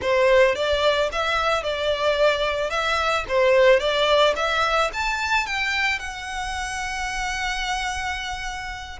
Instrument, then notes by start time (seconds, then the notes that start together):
violin
0.01 C5
0.55 D5
1.12 E5
1.63 D5
2.70 E5
3.28 C5
3.79 D5
4.36 E5
4.93 A5
5.46 G5
5.99 F#5